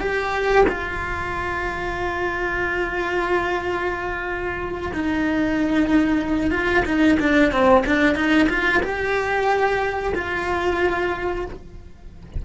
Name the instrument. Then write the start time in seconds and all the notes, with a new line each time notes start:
cello
0.00 G4
0.68 F4
4.93 D#4
6.51 F4
6.85 D#4
7.19 D4
7.52 C4
7.86 D4
8.16 D#4
8.49 F4
8.83 G4
10.15 F4